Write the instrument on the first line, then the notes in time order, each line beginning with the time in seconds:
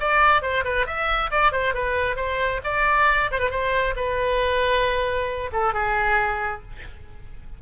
oboe
0.00 D5
0.42 C5
0.64 B4
0.86 E5
1.31 D5
1.52 C5
1.74 B4
2.16 C5
2.64 D5
3.31 C5
3.39 B4
3.50 C5
3.96 B4
5.52 A4
5.74 G#4